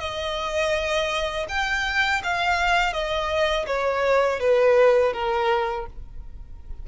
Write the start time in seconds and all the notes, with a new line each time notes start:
0.00 D#5
1.49 G5
2.24 F5
2.93 D#5
3.67 C#5
4.40 B4
5.13 A#4